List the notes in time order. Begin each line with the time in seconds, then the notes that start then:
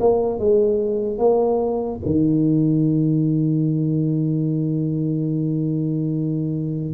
0.00 A#3
0.38 G#3
1.18 A#3
2.05 D#3